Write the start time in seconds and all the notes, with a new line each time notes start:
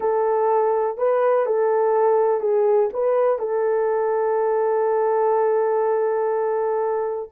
0.00 A4
0.97 B4
1.46 A4
2.40 G#4
2.93 B4
3.39 A4